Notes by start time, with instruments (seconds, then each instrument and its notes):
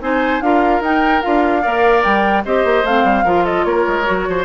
0.00 bassoon C4, clarinet D#4, oboe C5, flute G#5
0.41 bassoon D4, clarinet F4, oboe A#4, flute F5
0.80 bassoon D#4, clarinet D#4, flute G5
1.21 bassoon D4, clarinet F4, flute F5
1.62 bassoon A#3, clarinet A#4, oboe D5
2.03 bassoon G3, flute G5
2.44 bassoon C4, clarinet G4, oboe C5, flute D#5
2.64 bassoon A#3
2.83 bassoon A3, clarinet C4, flute F5
3.03 bassoon G3
3.24 bassoon F3, clarinet F4, oboe A#4
3.44 oboe A4, flute D#5
3.64 bassoon A#3, oboe A#4, flute C#5
3.87 bassoon G#3
4.04 bassoon F#3, clarinet F#4
4.28 bassoon F3, oboe C5